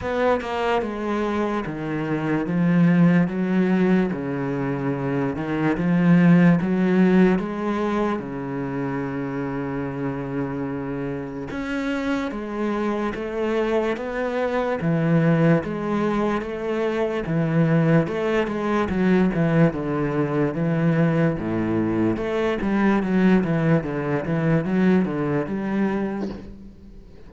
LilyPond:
\new Staff \with { instrumentName = "cello" } { \time 4/4 \tempo 4 = 73 b8 ais8 gis4 dis4 f4 | fis4 cis4. dis8 f4 | fis4 gis4 cis2~ | cis2 cis'4 gis4 |
a4 b4 e4 gis4 | a4 e4 a8 gis8 fis8 e8 | d4 e4 a,4 a8 g8 | fis8 e8 d8 e8 fis8 d8 g4 | }